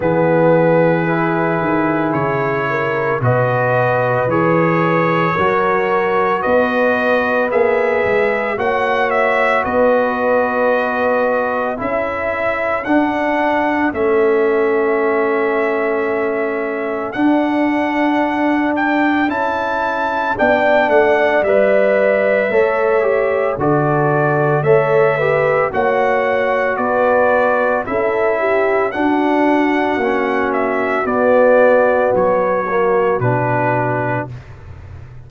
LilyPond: <<
  \new Staff \with { instrumentName = "trumpet" } { \time 4/4 \tempo 4 = 56 b'2 cis''4 dis''4 | cis''2 dis''4 e''4 | fis''8 e''8 dis''2 e''4 | fis''4 e''2. |
fis''4. g''8 a''4 g''8 fis''8 | e''2 d''4 e''4 | fis''4 d''4 e''4 fis''4~ | fis''8 e''8 d''4 cis''4 b'4 | }
  \new Staff \with { instrumentName = "horn" } { \time 4/4 gis'2~ gis'8 ais'8 b'4~ | b'4 ais'4 b'2 | cis''4 b'2 a'4~ | a'1~ |
a'2. d''4~ | d''4 cis''4 a'4 cis''8 b'8 | cis''4 b'4 a'8 g'8 fis'4~ | fis'1 | }
  \new Staff \with { instrumentName = "trombone" } { \time 4/4 b4 e'2 fis'4 | gis'4 fis'2 gis'4 | fis'2. e'4 | d'4 cis'2. |
d'2 e'4 d'4 | b'4 a'8 g'8 fis'4 a'8 g'8 | fis'2 e'4 d'4 | cis'4 b4. ais8 d'4 | }
  \new Staff \with { instrumentName = "tuba" } { \time 4/4 e4. dis8 cis4 b,4 | e4 fis4 b4 ais8 gis8 | ais4 b2 cis'4 | d'4 a2. |
d'2 cis'4 b8 a8 | g4 a4 d4 a4 | ais4 b4 cis'4 d'4 | ais4 b4 fis4 b,4 | }
>>